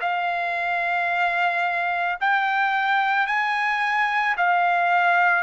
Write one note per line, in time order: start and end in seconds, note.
0.00 2.18 F5
2.20 3.26 G5
3.26 4.35 G#5
4.37 5.43 F5